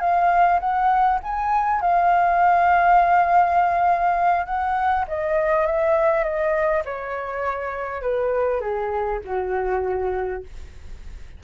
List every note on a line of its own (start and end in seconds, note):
0.00 0.59 F5
0.60 1.19 F#5
1.23 1.81 G#5
1.81 4.46 F5
4.46 5.05 F#5
5.08 5.66 D#5
5.66 6.23 E5
6.23 6.83 D#5
6.85 8.01 C#5
8.01 8.60 B4
8.60 9.20 G#4
9.24 10.43 F#4